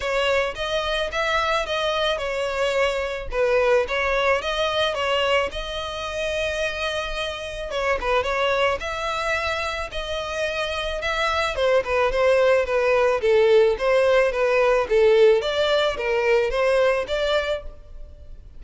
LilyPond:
\new Staff \with { instrumentName = "violin" } { \time 4/4 \tempo 4 = 109 cis''4 dis''4 e''4 dis''4 | cis''2 b'4 cis''4 | dis''4 cis''4 dis''2~ | dis''2 cis''8 b'8 cis''4 |
e''2 dis''2 | e''4 c''8 b'8 c''4 b'4 | a'4 c''4 b'4 a'4 | d''4 ais'4 c''4 d''4 | }